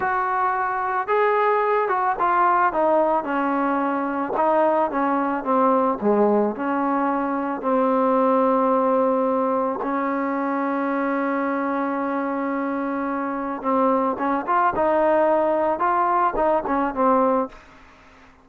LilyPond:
\new Staff \with { instrumentName = "trombone" } { \time 4/4 \tempo 4 = 110 fis'2 gis'4. fis'8 | f'4 dis'4 cis'2 | dis'4 cis'4 c'4 gis4 | cis'2 c'2~ |
c'2 cis'2~ | cis'1~ | cis'4 c'4 cis'8 f'8 dis'4~ | dis'4 f'4 dis'8 cis'8 c'4 | }